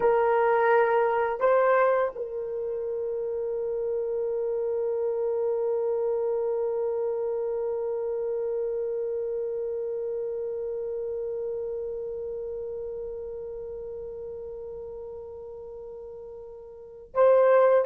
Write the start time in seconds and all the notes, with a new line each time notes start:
0.00 A#4
1.40 C5
2.15 A#4
17.14 C5